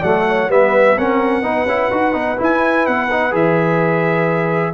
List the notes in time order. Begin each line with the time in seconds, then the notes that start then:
0.00 F#3 A3 D5 F#5
0.27 C#5
0.48 G3 B3 B4 E5
0.97 C4 C#4 A#4 F#5
1.42 B3 D#4 B4
1.65 C#4 E4
1.91 D#4 F#4
2.13 B3 D#4
2.37 E4
2.43 G#5
2.86 B3 F#5
3.11 D#4
3.31 E3 G#4 E5